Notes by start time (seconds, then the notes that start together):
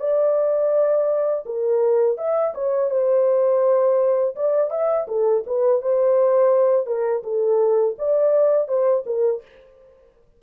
0.00 D5
1.46 A#4
2.18 E5
2.55 C#5
2.90 C5
4.36 D5
4.70 E5
5.08 A4
5.46 B4
5.82 C5
6.87 A#4
7.23 A4
7.98 D5
8.68 C5
9.06 A#4